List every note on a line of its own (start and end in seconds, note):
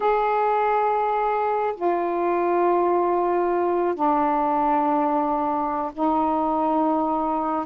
0.00 1.75 G#4
1.75 3.94 F4
3.94 5.91 D4
5.93 7.65 D#4